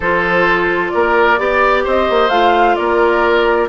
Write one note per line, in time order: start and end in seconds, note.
0.00 0.90 F3
0.00 1.37 F4
0.00 0.92 A4
0.00 0.89 C5
0.89 1.38 A#3
0.89 1.39 A#4
0.89 1.82 D5
1.37 1.84 B3
1.37 2.30 G4
1.37 1.83 D5
1.83 2.09 C4
1.83 2.76 C5
1.83 2.29 D#5
2.09 2.29 A#3
2.29 2.75 A3
2.29 3.69 F4
2.29 2.75 F5
2.75 3.69 A#3
2.75 3.69 A#4
2.75 3.67 D5